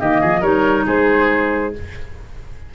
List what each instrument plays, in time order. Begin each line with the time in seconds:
0.00 tuba D#3, clarinet A#3, oboe G4, flute D#5
0.21 tuba F3, oboe G#4
0.41 tuba G3, clarinet D#4, oboe A#4, flute C#5
0.87 tuba G#3, oboe G#4, flute C5